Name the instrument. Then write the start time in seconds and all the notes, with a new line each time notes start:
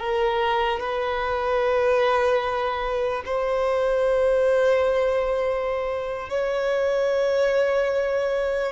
violin
0.00 A#4
0.80 B4
3.26 C5
6.30 C#5